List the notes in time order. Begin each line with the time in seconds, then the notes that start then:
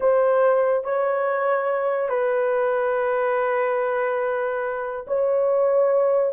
0.00 C5
0.84 C#5
2.09 B4
5.07 C#5